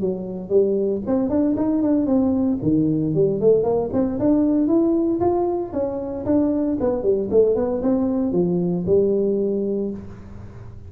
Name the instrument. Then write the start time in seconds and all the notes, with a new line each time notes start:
tuba
0.00 F#3
0.49 G3
1.06 C4
1.29 D4
1.56 D#4
1.82 D4
2.06 C4
2.62 D#3
3.14 G3
3.40 A3
3.63 A#3
3.92 C4
4.19 D4
4.67 E4
5.20 F4
5.72 C#4
6.25 D4
6.80 B3
7.02 G3
7.30 A3
7.55 B3
7.82 C4
8.32 F3
8.86 G3